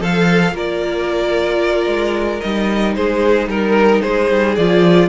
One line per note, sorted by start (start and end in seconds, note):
0.00 0.53 F3
0.00 0.54 A4
0.00 0.57 F5
0.53 1.87 A#3
0.53 2.41 F4
0.53 2.97 A#4
0.53 2.41 D5
1.87 2.41 G#3
2.41 2.97 G3
2.41 4.58 D#4
2.41 2.95 D#5
2.95 3.48 G#3
2.95 3.50 G#4
2.95 3.49 C5
3.48 4.02 G3
3.48 4.03 A#4
3.48 4.02 A#4
4.02 4.32 G#3
4.02 5.09 G#4
4.02 4.56 C5
4.32 4.58 G3
4.56 5.09 F3
4.56 5.09 F4
4.56 5.09 D5